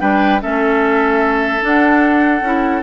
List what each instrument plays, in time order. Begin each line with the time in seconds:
0.00 bassoon G3, clarinet D4, oboe B4, flute G5
0.41 bassoon A3, clarinet C#4, oboe A4, flute E5
1.61 clarinet D4, bassoon D4, flute F#5
2.41 bassoon C#4, clarinet E4